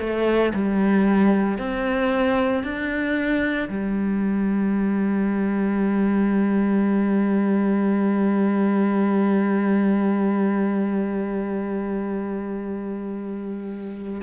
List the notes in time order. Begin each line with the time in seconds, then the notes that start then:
0.00 A3
0.54 G3
1.58 C4
2.64 D4
3.69 G3